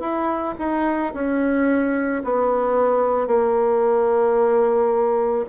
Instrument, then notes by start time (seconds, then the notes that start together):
bassoon
0.00 E4
0.59 D#4
1.14 C#4
2.24 B3
3.27 A#3